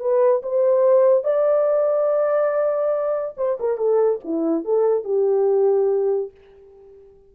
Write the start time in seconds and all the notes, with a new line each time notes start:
0.00 B4
0.43 C5
1.24 D5
3.37 C5
3.60 A#4
3.78 A4
4.24 E4
4.65 A4
5.05 G4